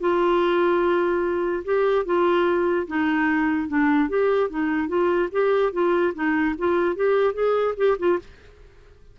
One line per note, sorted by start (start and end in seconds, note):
0.00 1.63 F4
1.64 2.05 G4
2.05 2.87 F4
2.87 3.68 D#4
3.68 4.09 D4
4.09 4.49 G4
4.50 4.88 D#4
4.88 5.29 F4
5.32 5.72 G4
5.72 6.13 F4
6.14 6.55 D#4
6.58 6.95 F4
6.95 7.34 G4
7.34 7.74 G#4
7.77 7.97 G4
7.99 8.19 F4